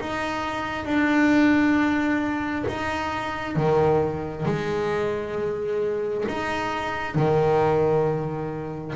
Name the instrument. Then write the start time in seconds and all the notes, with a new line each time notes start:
double bass
0.00 D#4
0.85 D4
2.67 D#4
3.55 D#3
4.45 G#3
6.28 D#4
7.15 D#3